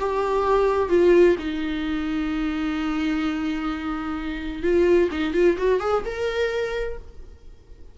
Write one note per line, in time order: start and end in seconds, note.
0.00 0.90 G4
0.90 1.36 F4
1.39 4.63 D#4
4.63 5.10 F4
5.11 5.34 D#4
5.34 5.57 F4
5.58 5.81 F#4
5.81 6.04 G#4
6.05 6.98 A#4